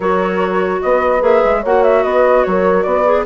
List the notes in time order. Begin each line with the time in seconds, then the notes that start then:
0.00 F#3 F#4 A#4 C#5
0.81 B3 B4 D#5
1.20 A#3 G#4 E5
1.44 G#3
1.60 A#3 F#4 C#5 F#5
1.83 E5
2.03 B3 B4 D#5
2.43 F#3 A#4 C#5
2.82 B3 B4 D5
3.05 G#4